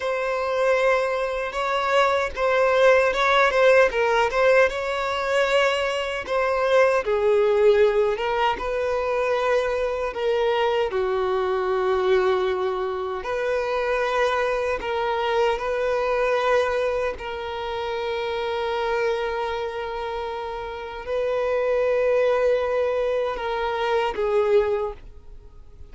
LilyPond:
\new Staff \with { instrumentName = "violin" } { \time 4/4 \tempo 4 = 77 c''2 cis''4 c''4 | cis''8 c''8 ais'8 c''8 cis''2 | c''4 gis'4. ais'8 b'4~ | b'4 ais'4 fis'2~ |
fis'4 b'2 ais'4 | b'2 ais'2~ | ais'2. b'4~ | b'2 ais'4 gis'4 | }